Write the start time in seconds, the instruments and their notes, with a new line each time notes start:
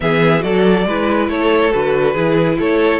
0.00 cello E3, viola B3, violin G#4 E5
0.40 cello F#3, viola F#4, violin A4 D5
0.85 cello G#3, viola E4, violin B4
1.28 cello A3, violin A4 C#5
1.72 cello D3, viola F#4, violin B4
2.13 cello E3, viola E4, violin G#4
2.58 cello A3, violin A4 C#5